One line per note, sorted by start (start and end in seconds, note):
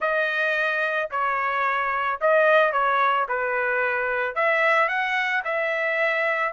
0.00 1.09 D#5
1.11 2.20 C#5
2.20 2.72 D#5
2.72 3.26 C#5
3.28 4.35 B4
4.35 4.88 E5
4.88 5.43 F#5
5.44 6.53 E5